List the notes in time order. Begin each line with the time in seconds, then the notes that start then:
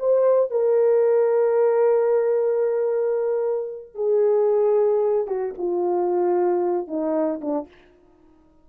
0.00 C5
0.51 A#4
3.95 G#4
5.28 F#4
5.58 F4
6.88 D#4
7.42 D4